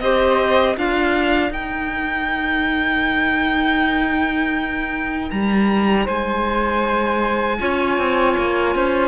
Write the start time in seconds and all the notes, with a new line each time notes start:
0.00 C4 G4 C5 D#5
0.77 D4 F4 A#4 F5
1.50 D#4 G5
5.31 G3 A#5
6.05 G#3 C5 G#5
7.59 C#4 F4 C#5
7.98 C4
8.38 A#3
8.75 C#4 C5